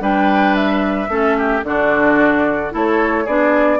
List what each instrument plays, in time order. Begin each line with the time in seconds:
0.00 bassoon G3, clarinet D4, oboe B4, flute G5
0.55 flute E5
1.08 bassoon A3, clarinet C#4, oboe A4
1.37 oboe G4
1.64 bassoon D3, clarinet D4, oboe F#4, flute D5
2.70 bassoon A3, clarinet E4, oboe A4, flute C#5
3.24 bassoon B3, clarinet D4, oboe G#4, flute D5